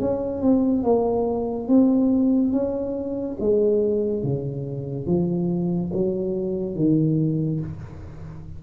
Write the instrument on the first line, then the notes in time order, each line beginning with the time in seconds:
tuba
0.00 C#4
0.42 C4
0.83 A#3
1.68 C4
2.52 C#4
3.40 G#3
4.23 C#3
5.07 F3
5.93 F#3
6.76 D#3